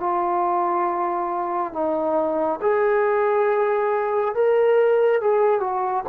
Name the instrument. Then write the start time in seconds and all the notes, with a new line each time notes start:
trombone
0.00 F4
1.74 D#4
2.62 G#4
4.35 A#4
5.21 G#4
5.60 F#4